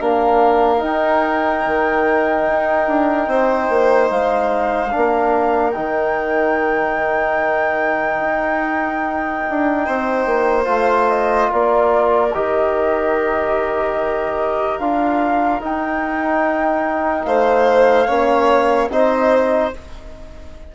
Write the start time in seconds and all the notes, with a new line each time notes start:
0.00 A#3 D4 A#4 F5
0.77 D#4 G5
1.66 D#3
2.48 D#4
2.88 D4
3.27 C4 C5
3.69 A#3
4.10 G#3 F5
4.91 A#3 D4 A#4
5.71 D#4 G5
5.78 D#3
8.19 D#4
9.50 D4
9.86 C4 C5
10.26 A#3
10.65 A3 F4 F5
11.09 D#5
11.50 A#3 A#4 D5
12.34 D#3 G4 D#5
14.78 D4 F4 F5
15.60 D#4 G5
17.25 A3 C5 F5
18.07 A#3 C#4 C#5
18.90 C4 D#4 C5 D#5